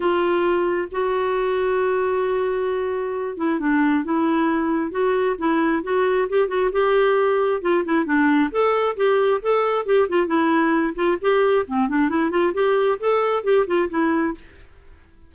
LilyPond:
\new Staff \with { instrumentName = "clarinet" } { \time 4/4 \tempo 4 = 134 f'2 fis'2~ | fis'2.~ fis'8 e'8 | d'4 e'2 fis'4 | e'4 fis'4 g'8 fis'8 g'4~ |
g'4 f'8 e'8 d'4 a'4 | g'4 a'4 g'8 f'8 e'4~ | e'8 f'8 g'4 c'8 d'8 e'8 f'8 | g'4 a'4 g'8 f'8 e'4 | }